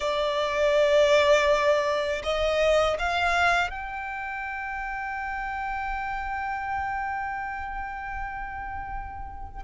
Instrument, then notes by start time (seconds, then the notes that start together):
violin
0.00 D5
2.23 D#5
2.98 F5
3.70 G5